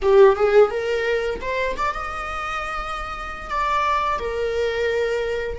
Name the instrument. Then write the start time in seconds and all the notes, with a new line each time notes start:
viola
0.02 G4
0.36 G#4
0.70 A#4
1.41 C5
1.76 D5
1.93 D#5
3.49 D5
4.19 A#4